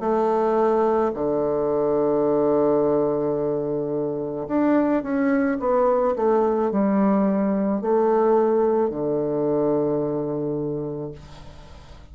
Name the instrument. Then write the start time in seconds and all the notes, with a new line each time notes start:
bassoon
0.00 A3
1.14 D3
4.48 D4
5.03 C#4
5.60 B3
6.16 A3
6.72 G3
7.81 A3
8.89 D3